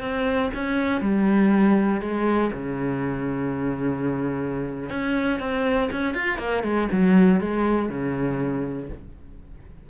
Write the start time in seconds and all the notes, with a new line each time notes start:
0.00 C4
0.54 C#4
1.01 G3
2.00 G#3
2.52 C#3
4.89 C#4
5.40 C4
5.92 C#4
6.14 F4
6.38 A#3
6.63 G#3
6.91 F#3
7.40 G#3
7.89 C#3